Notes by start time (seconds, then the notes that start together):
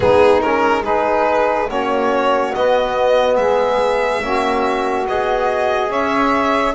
0.00 G#3 B3 D#4 G#4
0.41 C#4 A#4
0.83 D#4 G#4 B4
1.67 A#3 C#4 F#4 C#5
2.54 B3 D#5
3.36 G#3 G#4 E5
4.21 A#3 C#4 F#4
5.08 B3 G#4 D#5
5.89 C#4 C#5 E5